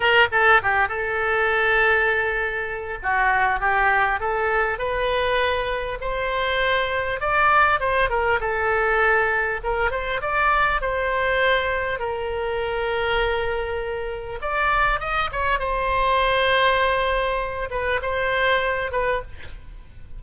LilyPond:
\new Staff \with { instrumentName = "oboe" } { \time 4/4 \tempo 4 = 100 ais'8 a'8 g'8 a'2~ a'8~ | a'4 fis'4 g'4 a'4 | b'2 c''2 | d''4 c''8 ais'8 a'2 |
ais'8 c''8 d''4 c''2 | ais'1 | d''4 dis''8 cis''8 c''2~ | c''4. b'8 c''4. b'8 | }